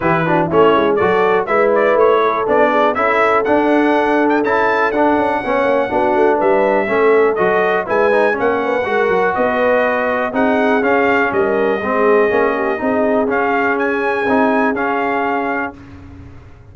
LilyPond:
<<
  \new Staff \with { instrumentName = "trumpet" } { \time 4/4 \tempo 4 = 122 b'4 cis''4 d''4 e''8 d''8 | cis''4 d''4 e''4 fis''4~ | fis''8. g''16 a''4 fis''2~ | fis''4 e''2 dis''4 |
gis''4 fis''2 dis''4~ | dis''4 fis''4 f''4 dis''4~ | dis''2. f''4 | gis''2 f''2 | }
  \new Staff \with { instrumentName = "horn" } { \time 4/4 g'8 fis'8 e'4 a'4 b'4~ | b'8 a'4 gis'8 a'2~ | a'2. cis''4 | fis'4 b'4 a'2 |
b'4 cis''8 b'8 ais'4 b'4~ | b'4 gis'2 ais'4 | gis'4. g'8 gis'2~ | gis'1 | }
  \new Staff \with { instrumentName = "trombone" } { \time 4/4 e'8 d'8 cis'4 fis'4 e'4~ | e'4 d'4 e'4 d'4~ | d'4 e'4 d'4 cis'4 | d'2 cis'4 fis'4 |
e'8 dis'8 cis'4 fis'2~ | fis'4 dis'4 cis'2 | c'4 cis'4 dis'4 cis'4~ | cis'4 dis'4 cis'2 | }
  \new Staff \with { instrumentName = "tuba" } { \time 4/4 e4 a8 gis8 fis4 gis4 | a4 b4 cis'4 d'4~ | d'4 cis'4 d'8 cis'8 b8 ais8 | b8 a8 g4 a4 fis4 |
gis4 ais4 gis8 fis8 b4~ | b4 c'4 cis'4 g4 | gis4 ais4 c'4 cis'4~ | cis'4 c'4 cis'2 | }
>>